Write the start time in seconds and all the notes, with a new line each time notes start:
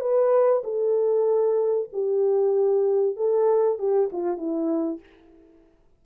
0.00 B4
0.64 A4
1.92 G4
3.16 A4
3.78 G4
4.12 F4
4.37 E4